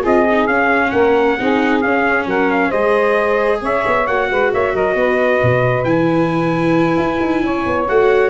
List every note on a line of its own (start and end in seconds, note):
0.00 0.47 C4
0.00 0.26 F4
0.00 0.90 G#4
0.00 0.47 D#5
0.31 0.48 D#4
0.47 0.92 C#4
0.47 1.38 C#4
0.47 0.90 F5
0.90 1.37 A#3
0.90 1.39 A#4
0.90 1.80 F#5
1.39 1.84 C4
1.39 1.84 D#4
1.39 2.27 G#4
1.81 2.72 C#4
1.81 2.26 C#4
1.81 2.26 F5
2.26 2.71 F#3
2.26 2.69 A#4
2.26 2.51 F#5
2.51 2.71 F5
2.69 3.62 G#3
2.69 4.07 G#4
2.69 3.58 C5
2.69 3.61 D#5
3.62 3.84 C#4
3.62 4.29 C#5
3.62 4.07 E5
3.87 4.08 B3
4.07 4.30 A#3
4.07 5.85 F#4
4.07 4.51 F#5
4.30 4.53 G#3
4.30 4.51 B4
4.51 4.74 A#3
4.51 4.73 C#5
4.51 4.76 E5
4.73 4.95 F#3
4.73 4.95 A#4
4.73 5.84 D#5
4.95 5.40 B3
4.95 7.44 B4
5.43 5.85 B2
5.84 6.96 E3
5.84 7.86 E4
5.84 7.85 G#5
6.97 7.20 E4
7.21 7.43 D#4
7.43 7.65 C#4
7.43 8.30 C#5
7.66 7.88 B3
7.88 8.30 A3
7.88 8.30 F#4
7.88 8.30 F#5